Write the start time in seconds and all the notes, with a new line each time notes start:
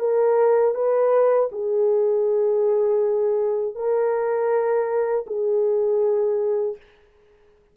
0.00 A#4
0.75 B4
1.52 G#4
3.75 A#4
5.27 G#4